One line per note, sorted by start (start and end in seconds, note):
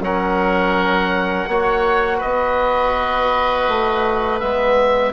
0.00 1.46 F#3
0.00 1.49 C#4
0.00 1.49 A#4
0.00 2.21 F#5
1.48 2.21 A#3
1.48 4.41 F#4
1.48 2.18 C#5
2.18 3.68 B3
2.18 5.10 B4
2.18 4.39 D#5
3.68 4.41 A3
4.39 5.12 G#3
4.39 5.12 B3
4.39 5.12 E5